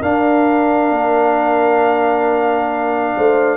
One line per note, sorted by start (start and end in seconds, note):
0.00 0.91 D4
0.00 3.57 D4
0.00 3.13 A#4
0.00 3.57 F5
0.91 3.15 A#3
3.16 3.57 A3
3.16 3.57 C5